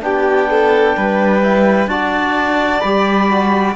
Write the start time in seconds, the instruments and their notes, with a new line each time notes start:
0.00 cello B3, trombone D4, violin G4, clarinet G5
0.50 violin A4
0.96 cello G3, violin B4
1.43 trombone E4
1.87 cello D4, trombone F#4, violin D5, clarinet A5
2.81 cello G3, trombone G4, clarinet B5
3.30 trombone F#4